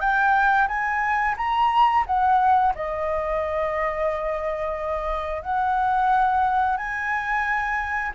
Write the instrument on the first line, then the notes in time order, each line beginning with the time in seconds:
flute
0.00 G5
0.68 G#5
1.37 A#5
2.06 F#5
2.75 D#5
5.42 F#5
6.77 G#5